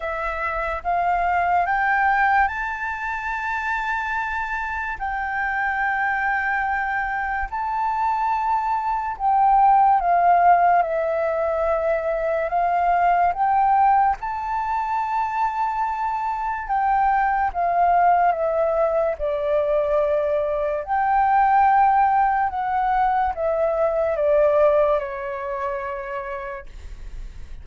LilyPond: \new Staff \with { instrumentName = "flute" } { \time 4/4 \tempo 4 = 72 e''4 f''4 g''4 a''4~ | a''2 g''2~ | g''4 a''2 g''4 | f''4 e''2 f''4 |
g''4 a''2. | g''4 f''4 e''4 d''4~ | d''4 g''2 fis''4 | e''4 d''4 cis''2 | }